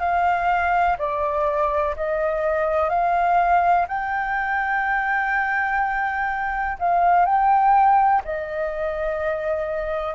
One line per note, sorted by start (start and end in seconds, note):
0.00 0.97 F5
0.99 1.95 D5
1.97 2.89 D#5
2.89 3.86 F5
3.88 6.78 G5
6.79 7.25 F5
7.25 8.22 G5
8.25 10.15 D#5